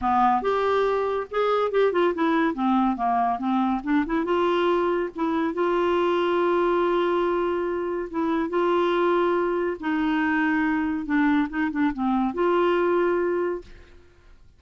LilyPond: \new Staff \with { instrumentName = "clarinet" } { \time 4/4 \tempo 4 = 141 b4 g'2 gis'4 | g'8 f'8 e'4 c'4 ais4 | c'4 d'8 e'8 f'2 | e'4 f'2.~ |
f'2. e'4 | f'2. dis'4~ | dis'2 d'4 dis'8 d'8 | c'4 f'2. | }